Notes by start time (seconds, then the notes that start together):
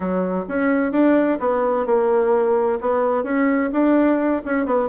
0.00 F#3
0.48 C#4
0.92 D4
1.39 B3
1.86 A#3
2.80 B3
3.23 C#4
3.72 D4
4.45 C#4
4.65 B3